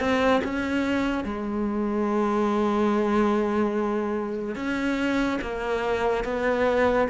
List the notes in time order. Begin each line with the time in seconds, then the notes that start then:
0.00 C4
0.44 C#4
1.25 G#3
4.56 C#4
5.42 A#3
6.25 B3